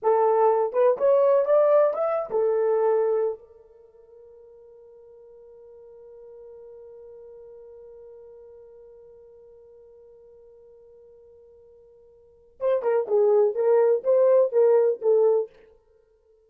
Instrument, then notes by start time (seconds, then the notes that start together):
horn
0.02 A4
0.73 B4
0.97 C#5
1.45 D5
1.93 E5
2.30 A4
3.38 A#4
12.59 C5
12.82 A#4
13.07 G#4
13.54 A#4
14.03 C5
14.52 A#4
15.01 A4